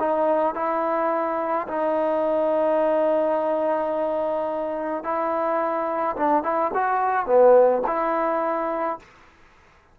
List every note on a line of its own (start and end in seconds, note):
0.00 0.55 D#4
0.55 1.67 E4
1.68 5.04 D#4
5.04 6.16 E4
6.17 6.44 D4
6.44 6.72 E4
6.74 7.26 F#4
7.26 7.82 B3
7.87 8.99 E4